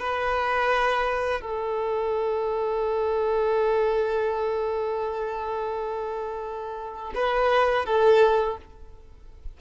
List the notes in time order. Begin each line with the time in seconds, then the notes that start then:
0.00 B4
1.42 A4
7.15 B4
7.86 A4